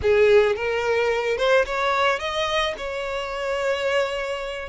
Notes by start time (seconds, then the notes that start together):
0.02 G#4
0.55 A#4
1.37 C5
1.65 C#5
2.19 D#5
2.77 C#5